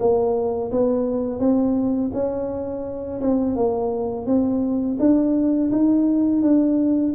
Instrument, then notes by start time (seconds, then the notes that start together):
tuba
0.00 A#3
0.72 B3
1.40 C4
2.14 C#4
3.21 C4
3.56 A#3
4.26 C4
5.00 D4
5.71 D#4
6.42 D4